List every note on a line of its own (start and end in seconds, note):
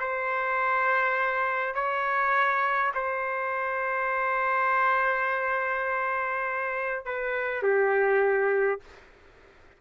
0.00 1.75 C5
1.75 2.93 C#5
2.95 7.06 C5
7.06 7.63 B4
7.63 8.80 G4